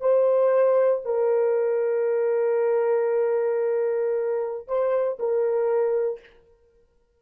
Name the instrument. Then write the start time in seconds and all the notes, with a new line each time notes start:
horn
0.00 C5
1.04 A#4
4.67 C5
5.19 A#4